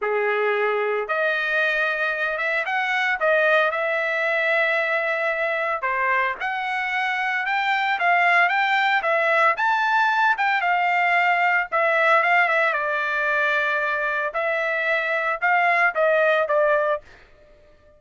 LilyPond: \new Staff \with { instrumentName = "trumpet" } { \time 4/4 \tempo 4 = 113 gis'2 dis''2~ | dis''8 e''8 fis''4 dis''4 e''4~ | e''2. c''4 | fis''2 g''4 f''4 |
g''4 e''4 a''4. g''8 | f''2 e''4 f''8 e''8 | d''2. e''4~ | e''4 f''4 dis''4 d''4 | }